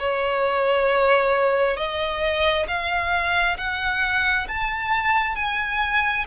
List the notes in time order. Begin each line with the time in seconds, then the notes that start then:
0.00 C#5
1.77 D#5
2.68 F5
3.58 F#5
4.49 A5
5.36 G#5